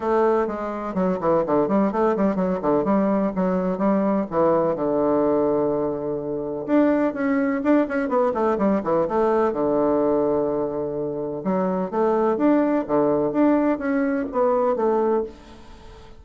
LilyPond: \new Staff \with { instrumentName = "bassoon" } { \time 4/4 \tempo 4 = 126 a4 gis4 fis8 e8 d8 g8 | a8 g8 fis8 d8 g4 fis4 | g4 e4 d2~ | d2 d'4 cis'4 |
d'8 cis'8 b8 a8 g8 e8 a4 | d1 | fis4 a4 d'4 d4 | d'4 cis'4 b4 a4 | }